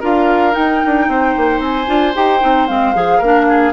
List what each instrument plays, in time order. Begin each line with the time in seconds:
0.00 bassoon D4, clarinet F4, oboe A#4, flute F5
0.52 clarinet D#4, bassoon D#4, flute G5
0.85 bassoon D4
1.08 bassoon C4, oboe C5
1.37 bassoon A#3
1.59 bassoon C4, flute G#5
1.87 bassoon D4, clarinet F4
2.15 bassoon D#4, clarinet G4, flute G5
2.40 bassoon C4, clarinet D#4
2.67 bassoon G#3, clarinet C4, flute F5
2.95 bassoon F3, clarinet G#4
3.18 bassoon A#3, oboe A#4
3.24 clarinet D4
3.49 oboe G#4